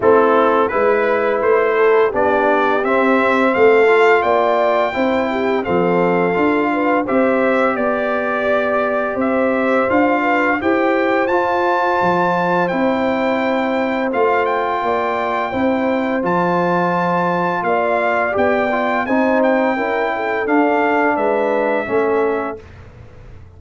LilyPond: <<
  \new Staff \with { instrumentName = "trumpet" } { \time 4/4 \tempo 4 = 85 a'4 b'4 c''4 d''4 | e''4 f''4 g''2 | f''2 e''4 d''4~ | d''4 e''4 f''4 g''4 |
a''2 g''2 | f''8 g''2~ g''8 a''4~ | a''4 f''4 g''4 gis''8 g''8~ | g''4 f''4 e''2 | }
  \new Staff \with { instrumentName = "horn" } { \time 4/4 e'4 b'4. a'8 g'4~ | g'4 a'4 d''4 c''8 g'8 | a'4. b'8 c''4 d''4~ | d''4 c''4. b'8 c''4~ |
c''1~ | c''4 d''4 c''2~ | c''4 d''2 c''4 | ais'8 a'4. b'4 a'4 | }
  \new Staff \with { instrumentName = "trombone" } { \time 4/4 c'4 e'2 d'4 | c'4. f'4. e'4 | c'4 f'4 g'2~ | g'2 f'4 g'4 |
f'2 e'2 | f'2 e'4 f'4~ | f'2 g'8 f'8 dis'4 | e'4 d'2 cis'4 | }
  \new Staff \with { instrumentName = "tuba" } { \time 4/4 a4 gis4 a4 b4 | c'4 a4 ais4 c'4 | f4 d'4 c'4 b4~ | b4 c'4 d'4 e'4 |
f'4 f4 c'2 | a4 ais4 c'4 f4~ | f4 ais4 b4 c'4 | cis'4 d'4 gis4 a4 | }
>>